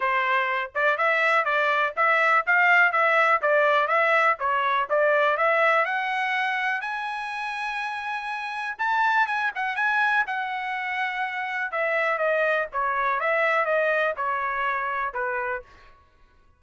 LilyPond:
\new Staff \with { instrumentName = "trumpet" } { \time 4/4 \tempo 4 = 123 c''4. d''8 e''4 d''4 | e''4 f''4 e''4 d''4 | e''4 cis''4 d''4 e''4 | fis''2 gis''2~ |
gis''2 a''4 gis''8 fis''8 | gis''4 fis''2. | e''4 dis''4 cis''4 e''4 | dis''4 cis''2 b'4 | }